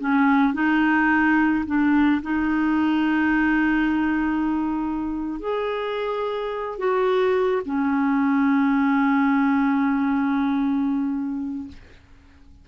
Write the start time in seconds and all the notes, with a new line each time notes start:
0.00 C#4
0.54 D#4
1.66 D4
2.22 D#4
5.40 G#4
6.79 F#4
7.65 C#4